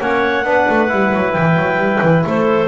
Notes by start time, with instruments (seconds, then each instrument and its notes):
0.00 double bass A#3, trombone C#4, clarinet C#5 F#5
0.44 double bass B3, trombone D4, clarinet B4
0.69 double bass A3
0.89 double bass G3, trombone E4
1.14 double bass F#3
1.33 double bass E3, clarinet G5
1.57 double bass F#3
1.77 double bass G3
2.02 double bass E3
2.26 double bass A3, clarinet A4 C5